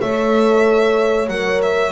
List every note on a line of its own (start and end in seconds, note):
0.00 1.27 A3
0.00 1.29 A4
0.00 1.92 C#5
0.00 1.29 E5
1.27 1.92 F#3
1.27 1.92 A#4
1.27 1.61 F#5
1.62 1.92 E5